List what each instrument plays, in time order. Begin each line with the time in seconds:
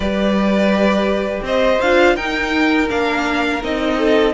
0.00 cello G3, viola G4, violin B4 D5
1.42 cello C4, violin C5 D#5
1.81 cello D4, viola F4, violin F5
2.15 cello D#4, viola D#4, violin A#4 G5
2.89 cello A#3, viola D4, violin F5
3.61 cello C4, viola D#4, violin D#5
3.97 violin A4